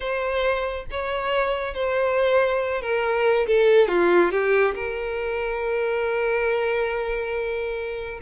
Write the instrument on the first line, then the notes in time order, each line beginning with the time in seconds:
violin
0.00 C5
0.90 C#5
1.74 C5
2.81 A#4
3.46 A4
3.88 F4
4.31 G4
4.74 A#4